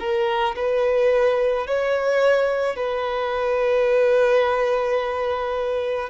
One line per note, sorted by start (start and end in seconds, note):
0.00 0.56 A#4
0.56 1.67 B4
1.67 2.77 C#5
2.77 6.10 B4